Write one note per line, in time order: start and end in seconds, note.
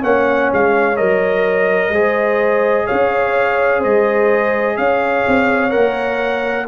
0.00 0.51 A#3
0.00 0.95 C#4
0.00 1.92 C#5
0.00 0.51 F#5
0.53 1.00 G#3
0.53 0.96 F5
0.96 1.89 F#3
0.96 1.92 A#4
0.96 2.87 D#5
1.89 2.85 G#3
1.89 5.70 G#4
1.89 2.86 C5
2.86 3.84 C#4
2.86 3.80 C#5
2.86 3.82 F5
3.80 4.78 G#3
3.80 4.75 C5
3.80 4.77 D#5
4.77 5.26 C#4
4.77 6.68 C#5
4.77 5.70 F5
5.28 5.75 C4
5.70 6.68 A#3
5.70 6.65 A#4
5.70 6.66 F#5